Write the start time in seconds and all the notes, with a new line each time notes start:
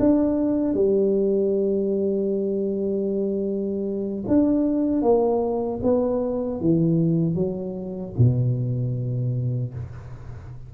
0.00 D4
0.74 G3
4.28 D4
5.03 A#3
5.83 B3
6.61 E3
7.35 F#3
8.19 B2